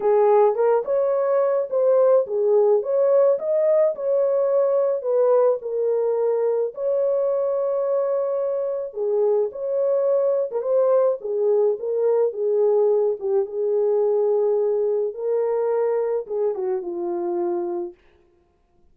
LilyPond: \new Staff \with { instrumentName = "horn" } { \time 4/4 \tempo 4 = 107 gis'4 ais'8 cis''4. c''4 | gis'4 cis''4 dis''4 cis''4~ | cis''4 b'4 ais'2 | cis''1 |
gis'4 cis''4.~ cis''16 ais'16 c''4 | gis'4 ais'4 gis'4. g'8 | gis'2. ais'4~ | ais'4 gis'8 fis'8 f'2 | }